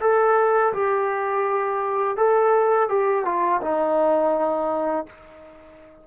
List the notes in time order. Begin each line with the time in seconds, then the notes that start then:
0.00 A4
0.73 G4
2.17 A4
2.88 G4
3.24 F4
3.61 D#4